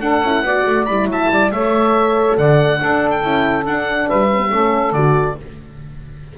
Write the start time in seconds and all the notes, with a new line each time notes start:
0.00 D4 A4 F#5
0.22 C#4 E4
0.42 B3 F#4 D5
0.67 A3
0.85 G3 E4 B5
1.05 F#3 E5
1.12 A5
1.30 G3 D5
1.51 A3 A4 C#5 E5
2.37 D3 D5 F#5
2.79 D4 A4
3.10 G5
3.21 C#4 E4
3.65 D4 F#5
4.07 G3 B4 E5
4.31 C#4
4.37 B3
4.51 A3 C#4 A4
4.92 D3 F#4 D5